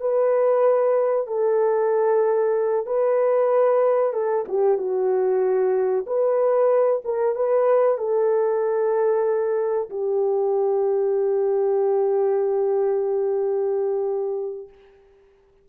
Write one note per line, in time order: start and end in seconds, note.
0.00 1.27 B4
1.27 2.85 A4
2.85 4.13 B4
4.13 4.44 A4
4.48 4.78 G4
4.78 6.05 F#4
6.06 7.02 B4
7.04 7.35 A#4
7.35 7.97 B4
7.97 9.89 A4
9.89 14.68 G4